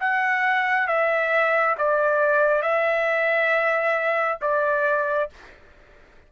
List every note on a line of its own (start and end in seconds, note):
0.00 0.87 F#5
0.87 1.76 E5
1.78 2.62 D5
2.62 4.39 E5
4.42 5.30 D5